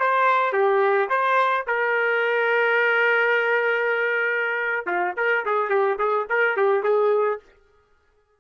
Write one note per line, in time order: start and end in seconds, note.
0.00 0.53 C5
0.53 1.09 G4
1.10 1.66 C5
1.67 4.87 A#4
4.87 5.15 F4
5.17 5.45 A#4
5.46 5.70 G#4
5.70 5.98 G4
5.99 6.27 G#4
6.30 6.57 A#4
6.57 6.84 G4
6.84 7.40 G#4